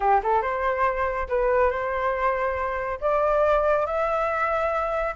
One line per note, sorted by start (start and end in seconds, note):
0.00 0.21 G4
0.23 0.42 A4
0.42 1.27 C5
1.28 1.70 B4
1.70 2.99 C5
3.00 3.86 D5
3.86 5.14 E5